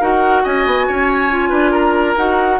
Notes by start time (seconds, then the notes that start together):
0.00 D#4 F#4 A#4 F#5
0.43 C#4 D#5 G#5
0.66 B3
0.87 C#4 C#5
1.30 F4
1.49 D4 B4
1.71 A#4 A#5
2.16 D#4 F#4 F#5